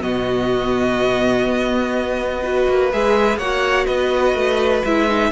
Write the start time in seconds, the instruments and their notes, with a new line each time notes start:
0.00 cello B2, viola B3, violin F#4 D#5
1.46 cello B3
2.42 viola F#4, violin B4
2.68 cello A#3
2.92 cello G#3, viola G#4, violin E5
3.37 cello A#3, viola F#4, violin C#5 F#5
3.86 cello B3, violin B4 D#5
4.34 cello A3
4.85 cello G#3, viola E4, violin E5
5.08 viola D#4